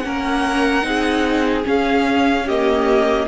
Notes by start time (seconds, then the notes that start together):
0.00 A#3 C#4 A#4 F#5
0.82 C4 D#4 G#4
1.64 C#4 F5
2.46 A#3 G4 D#5